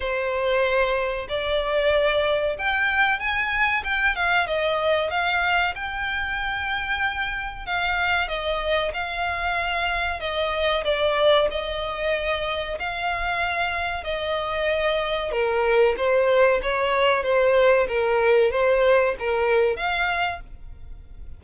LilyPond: \new Staff \with { instrumentName = "violin" } { \time 4/4 \tempo 4 = 94 c''2 d''2 | g''4 gis''4 g''8 f''8 dis''4 | f''4 g''2. | f''4 dis''4 f''2 |
dis''4 d''4 dis''2 | f''2 dis''2 | ais'4 c''4 cis''4 c''4 | ais'4 c''4 ais'4 f''4 | }